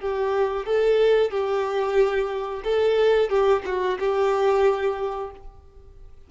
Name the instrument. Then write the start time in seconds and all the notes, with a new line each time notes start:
violin
0.00 G4
0.66 A4
1.31 G4
2.64 A4
3.30 G4
3.66 F#4
3.99 G4